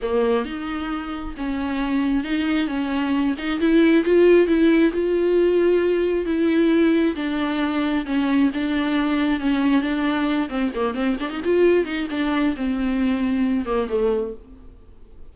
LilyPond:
\new Staff \with { instrumentName = "viola" } { \time 4/4 \tempo 4 = 134 ais4 dis'2 cis'4~ | cis'4 dis'4 cis'4. dis'8 | e'4 f'4 e'4 f'4~ | f'2 e'2 |
d'2 cis'4 d'4~ | d'4 cis'4 d'4. c'8 | ais8 c'8 d'16 dis'16 f'4 dis'8 d'4 | c'2~ c'8 ais8 a4 | }